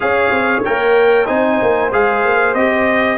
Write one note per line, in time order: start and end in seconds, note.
0.00 0.30 C#4
0.00 0.63 G#4
0.00 1.27 C#5
0.00 0.62 F5
0.30 0.62 C4
0.64 1.29 A#3
0.64 1.25 A#4
0.64 1.26 G5
1.25 1.61 C4
1.25 1.89 D#4
1.25 3.17 C5
1.25 1.90 G#5
1.61 1.93 A#3
1.92 2.25 G#3
1.92 2.55 G#4
1.92 2.54 F5
2.25 2.54 A#3
2.54 3.17 C4
2.54 3.17 G4
2.54 3.17 D#5